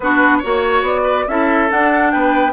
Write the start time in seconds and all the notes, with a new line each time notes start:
0.00 B3 D4 F#4 B4
0.37 F#4 C#5
0.44 A#3 C#5
0.82 B3 D5
1.03 B4
1.27 C#4 E4 A4 E5
1.69 D4 F#5
2.11 B3 B4 G5